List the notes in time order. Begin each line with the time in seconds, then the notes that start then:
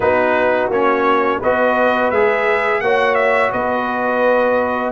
0.00 B3 D#4 F#4 B4
0.69 A#3 C#4 C#5
1.39 B3 F#4 B4 D#5
2.10 G#3 G#4 E5
2.80 A#3 F#4 C#5 F#5
3.15 E5
3.52 B3 B4 D#5